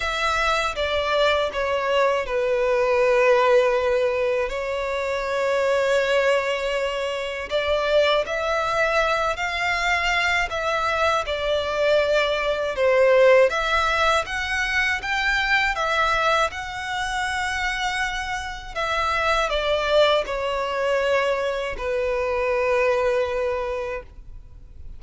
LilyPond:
\new Staff \with { instrumentName = "violin" } { \time 4/4 \tempo 4 = 80 e''4 d''4 cis''4 b'4~ | b'2 cis''2~ | cis''2 d''4 e''4~ | e''8 f''4. e''4 d''4~ |
d''4 c''4 e''4 fis''4 | g''4 e''4 fis''2~ | fis''4 e''4 d''4 cis''4~ | cis''4 b'2. | }